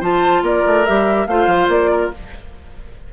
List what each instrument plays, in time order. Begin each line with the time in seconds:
0.00 bassoon F3, clarinet F4, oboe C5, flute A5
0.42 bassoon A#3, oboe A#4, flute D5
0.66 bassoon A3
0.85 bassoon G3, clarinet G4, flute E5
1.26 bassoon A3, clarinet F4, oboe C5, flute F5
1.46 bassoon F3
1.68 bassoon A#3, flute D5
1.91 oboe A#4